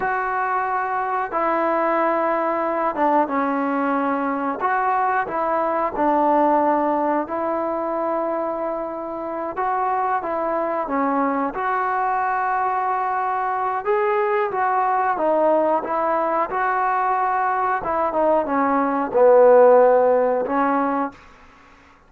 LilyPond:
\new Staff \with { instrumentName = "trombone" } { \time 4/4 \tempo 4 = 91 fis'2 e'2~ | e'8 d'8 cis'2 fis'4 | e'4 d'2 e'4~ | e'2~ e'8 fis'4 e'8~ |
e'8 cis'4 fis'2~ fis'8~ | fis'4 gis'4 fis'4 dis'4 | e'4 fis'2 e'8 dis'8 | cis'4 b2 cis'4 | }